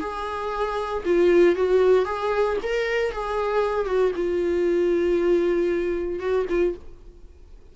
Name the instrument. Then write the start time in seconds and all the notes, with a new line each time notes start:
viola
0.00 G#4
1.05 F4
1.56 F#4
2.05 G#4
2.63 A#4
3.12 G#4
3.86 F#4
4.16 F4
6.20 F#4
6.49 F4